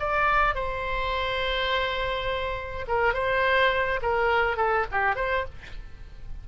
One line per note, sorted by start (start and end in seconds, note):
0.00 0.55 D5
0.55 2.86 C5
2.88 3.14 A#4
3.14 4.00 C5
4.02 4.57 A#4
4.57 4.86 A4
4.92 5.16 G4
5.16 5.45 C5